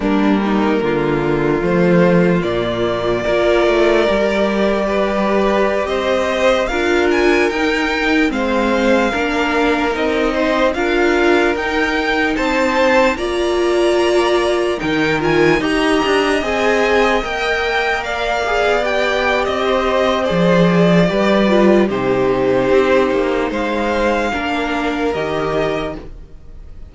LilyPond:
<<
  \new Staff \with { instrumentName = "violin" } { \time 4/4 \tempo 4 = 74 ais'2 c''4 d''4~ | d''2.~ d''16 dis''8.~ | dis''16 f''8 gis''8 g''4 f''4.~ f''16~ | f''16 dis''4 f''4 g''4 a''8.~ |
a''16 ais''2 g''8 gis''8 ais''8.~ | ais''16 gis''4 g''4 f''4 g''8. | dis''4 d''2 c''4~ | c''4 f''2 dis''4 | }
  \new Staff \with { instrumentName = "violin" } { \time 4/4 d'8 dis'8 f'2. | ais'2 b'4~ b'16 c''8.~ | c''16 ais'2 c''4 ais'8.~ | ais'8. c''8 ais'2 c''8.~ |
c''16 d''2 ais'4 dis''8.~ | dis''2~ dis''16 d''4.~ d''16~ | d''16 c''4.~ c''16 b'4 g'4~ | g'4 c''4 ais'2 | }
  \new Staff \with { instrumentName = "viola" } { \time 4/4 ais2 a4 ais4 | f'4 g'2.~ | g'16 f'4 dis'4 c'4 d'8.~ | d'16 dis'4 f'4 dis'4.~ dis'16~ |
dis'16 f'2 dis'8 f'8 g'8.~ | g'16 gis'4 ais'4. gis'8 g'8.~ | g'4 gis'4 g'8 f'8 dis'4~ | dis'2 d'4 g'4 | }
  \new Staff \with { instrumentName = "cello" } { \time 4/4 g4 d4 f4 ais,4 | ais8 a8 g2~ g16 c'8.~ | c'16 d'4 dis'4 gis4 ais8.~ | ais16 c'4 d'4 dis'4 c'8.~ |
c'16 ais2 dis4 dis'8 d'16~ | d'16 c'4 ais4.~ ais16 b4 | c'4 f4 g4 c4 | c'8 ais8 gis4 ais4 dis4 | }
>>